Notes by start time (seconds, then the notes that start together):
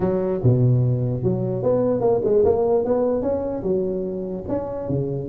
0.00 F#3
0.43 B2
1.23 F#3
1.62 B3
2.00 A#3
2.24 G#3
2.44 A#3
2.85 B3
3.22 C#4
3.63 F#3
4.48 C#4
4.88 C#3